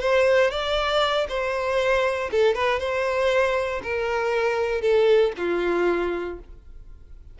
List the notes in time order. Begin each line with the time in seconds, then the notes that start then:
0.00 C5
0.50 D5
1.28 C5
2.31 A4
2.54 B4
2.79 C5
3.83 A#4
4.81 A4
5.37 F4